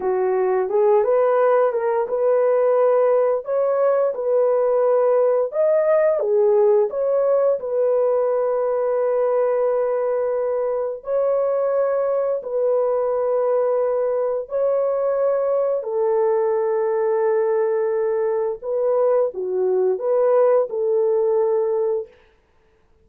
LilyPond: \new Staff \with { instrumentName = "horn" } { \time 4/4 \tempo 4 = 87 fis'4 gis'8 b'4 ais'8 b'4~ | b'4 cis''4 b'2 | dis''4 gis'4 cis''4 b'4~ | b'1 |
cis''2 b'2~ | b'4 cis''2 a'4~ | a'2. b'4 | fis'4 b'4 a'2 | }